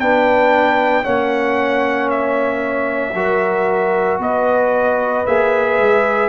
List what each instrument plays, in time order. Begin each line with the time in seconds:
0.00 tuba B3, trombone D4, horn B4, trumpet G5
1.04 tuba A#3, trombone C#4, horn C#5, trumpet F#5
2.10 trumpet E5
3.14 tuba F#3, trombone F#4, horn A#4
4.19 tuba B3, horn B4, trumpet D#5
5.27 tuba A#3, trombone G#4, trumpet E5
5.79 tuba G#3